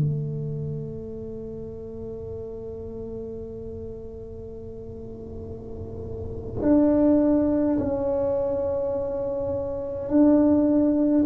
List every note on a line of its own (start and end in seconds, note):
0.00 6.62 A3
6.62 7.78 D4
7.78 10.09 C#4
10.09 11.24 D4